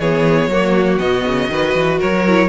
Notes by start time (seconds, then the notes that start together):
0.00 E3 B3 G#4 C#5
0.48 F#3 A#3 F#4
0.99 B2 B3 D#5
1.25 C#3
1.49 D#3 F#4 B4
1.75 E3
1.99 F#3 A#4 C#5
2.28 E4